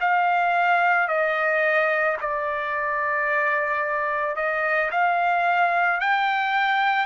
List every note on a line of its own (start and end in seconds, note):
0.00 1.08 F5
1.08 2.17 D#5
2.21 4.36 D5
4.36 4.90 D#5
4.91 6.00 F5
6.00 7.06 G5